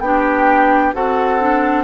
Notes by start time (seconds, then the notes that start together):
0.00 B3 D4 G4 G5
0.93 C4 F#4 A4 F#5
1.40 D4